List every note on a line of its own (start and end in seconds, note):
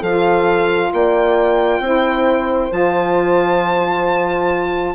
0.00 0.92 F3
0.00 1.83 F4
0.00 0.90 A4
0.00 0.92 F5
0.93 1.79 A#3
0.93 1.83 D5
0.93 2.72 G5
1.79 2.69 C4
1.79 2.70 E4
1.79 4.95 C5
2.70 4.95 F3
2.70 4.94 F4
2.70 4.95 A5